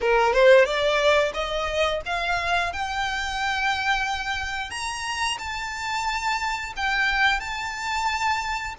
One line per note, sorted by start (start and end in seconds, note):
0.01 0.33 A#4
0.33 0.65 C5
0.65 1.32 D5
1.33 2.01 D#5
2.05 2.72 F5
2.72 4.70 G5
4.70 5.37 A#5
5.38 6.73 A5
6.76 7.40 G5
7.40 8.75 A5